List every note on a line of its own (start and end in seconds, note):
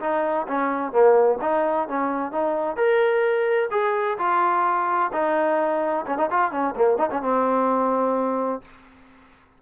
0.00 0.47 D#4
0.47 0.92 C#4
0.92 1.38 A#3
1.41 1.88 D#4
1.88 2.32 C#4
2.32 2.77 D#4
2.77 3.70 A#4
3.71 4.18 G#4
4.18 5.11 F4
5.12 6.05 D#4
6.06 6.18 C#4
6.18 6.29 D#4
6.31 6.51 F4
6.51 6.74 C#4
6.76 6.98 A#3
6.98 7.09 D#4
7.10 7.22 C#4
7.22 8.62 C4